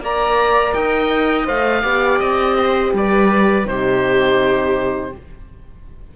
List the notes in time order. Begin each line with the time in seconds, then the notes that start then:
0.00 A#3 A#4 D5 A#5
0.74 D#4 D#5 G5
1.45 A3 C5 F5
1.82 B3 G4 D5
2.19 C4 D#5
2.57 C5
2.92 G3 B4 D5
3.65 C3 D#4 G4 C5